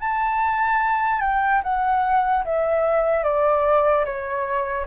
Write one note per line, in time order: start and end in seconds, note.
0.00 1.21 A5
1.21 1.62 G5
1.64 2.45 F#5
2.45 3.24 E5
3.24 4.05 D5
4.05 4.86 C#5